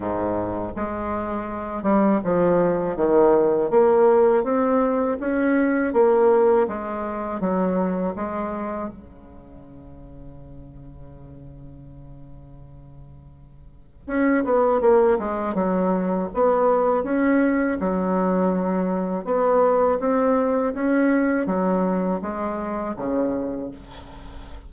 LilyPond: \new Staff \with { instrumentName = "bassoon" } { \time 4/4 \tempo 4 = 81 gis,4 gis4. g8 f4 | dis4 ais4 c'4 cis'4 | ais4 gis4 fis4 gis4 | cis1~ |
cis2. cis'8 b8 | ais8 gis8 fis4 b4 cis'4 | fis2 b4 c'4 | cis'4 fis4 gis4 cis4 | }